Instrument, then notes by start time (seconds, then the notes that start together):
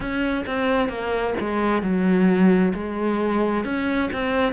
cello
0.00 C#4
0.46 C4
0.88 A#3
1.40 G#3
1.81 F#3
2.74 G#3
3.64 C#4
4.12 C4